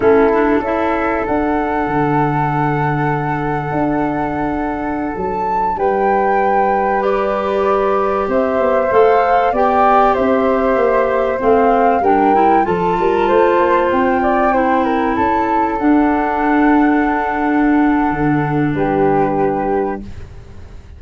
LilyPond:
<<
  \new Staff \with { instrumentName = "flute" } { \time 4/4 \tempo 4 = 96 a'4 e''4 fis''2~ | fis''1~ | fis''16 a''4 g''2 d''8.~ | d''4~ d''16 e''4 f''4 g''8.~ |
g''16 e''2 f''4 g''8.~ | g''16 a''2 g''4.~ g''16~ | g''16 a''4 fis''2~ fis''8.~ | fis''2 b'2 | }
  \new Staff \with { instrumentName = "flute" } { \time 4/4 e'4 a'2.~ | a'1~ | a'4~ a'16 b'2~ b'8.~ | b'4~ b'16 c''2 d''8.~ |
d''16 c''2. ais'8.~ | ais'16 a'8 ais'8 c''4. d''8 c''8 ais'16~ | ais'16 a'2.~ a'8.~ | a'2 g'2 | }
  \new Staff \with { instrumentName = "clarinet" } { \time 4/4 cis'8 d'8 e'4 d'2~ | d'1~ | d'2.~ d'16 g'8.~ | g'2~ g'16 a'4 g'8.~ |
g'2~ g'16 c'4 d'8 e'16~ | e'16 f'2. e'8.~ | e'4~ e'16 d'2~ d'8.~ | d'1 | }
  \new Staff \with { instrumentName = "tuba" } { \time 4/4 a4 cis'4 d'4 d4~ | d2 d'2~ | d'16 fis4 g2~ g8.~ | g4~ g16 c'8 b8 a4 b8.~ |
b16 c'4 ais4 a4 g8.~ | g16 f8 g8 a8 ais8 c'4.~ c'16~ | c'16 cis'4 d'2~ d'8.~ | d'4 d4 g2 | }
>>